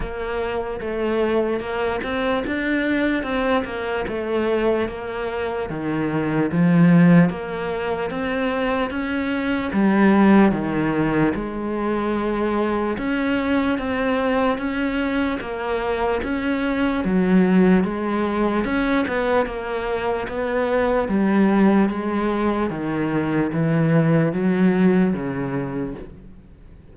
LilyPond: \new Staff \with { instrumentName = "cello" } { \time 4/4 \tempo 4 = 74 ais4 a4 ais8 c'8 d'4 | c'8 ais8 a4 ais4 dis4 | f4 ais4 c'4 cis'4 | g4 dis4 gis2 |
cis'4 c'4 cis'4 ais4 | cis'4 fis4 gis4 cis'8 b8 | ais4 b4 g4 gis4 | dis4 e4 fis4 cis4 | }